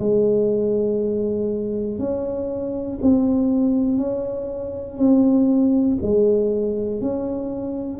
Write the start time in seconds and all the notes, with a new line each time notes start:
0.00 G#3
2.00 C#4
3.02 C4
3.98 C#4
4.98 C4
6.03 G#3
7.01 C#4